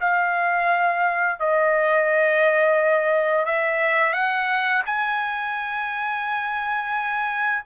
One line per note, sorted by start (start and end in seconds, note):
0.00 1.40 F5
1.40 3.46 D#5
3.46 4.13 E5
4.13 4.83 F#5
4.86 7.65 G#5